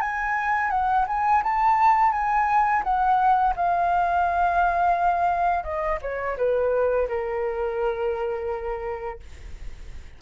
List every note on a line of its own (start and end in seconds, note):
0.00 0.70 G#5
0.70 1.05 F#5
1.07 1.42 G#5
1.43 2.12 A5
2.12 2.82 G#5
2.83 3.54 F#5
3.56 5.63 F5
5.63 5.99 D#5
6.01 6.37 C#5
6.37 7.07 B4
7.07 9.19 A#4